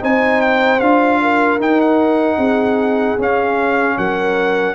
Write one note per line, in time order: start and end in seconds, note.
0.00 0.81 C4
0.00 0.79 D#4
0.00 1.19 C5
0.00 0.41 G#5
0.41 0.79 G5
0.79 1.59 D4
0.79 1.60 F4
0.79 1.58 F5
1.21 2.37 A#4
1.59 2.37 D#4
1.59 3.18 D#4
1.59 1.81 G5
1.81 3.19 F#5
2.37 3.16 C4
2.37 3.95 G#4
3.18 3.97 C#4
3.18 4.75 C#4
3.18 3.98 F5
3.98 4.75 F#3
3.98 4.75 A#4
3.98 4.75 F#5